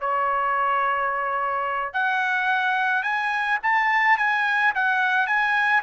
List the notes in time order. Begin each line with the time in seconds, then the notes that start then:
0.00 C#5
1.93 F#5
3.03 G#5
3.62 A5
4.17 G#5
4.74 F#5
5.27 G#5